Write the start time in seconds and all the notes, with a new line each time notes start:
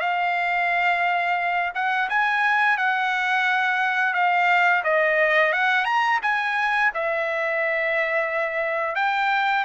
0.00 F5
1.75 F#5
2.09 G#5
2.77 F#5
4.14 F5
4.84 D#5
5.53 F#5
5.85 A#5
6.22 G#5
6.94 E5
8.95 G5